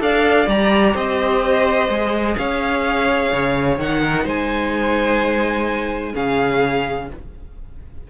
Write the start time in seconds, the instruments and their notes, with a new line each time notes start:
0.00 cello D4, viola A4, violin D5 F5
0.48 cello G3, viola G4, violin A#5
0.94 cello C4, violin C5 D#5
1.90 cello G#3, viola G#4
2.37 cello C#4, violin C#5 F5
3.33 cello C#3
3.78 cello D#3, viola D#4, violin F#5
4.01 violin A#4
4.24 cello G#3, violin C5 G#5
6.14 cello C#3, viola C#4, violin G#4 F5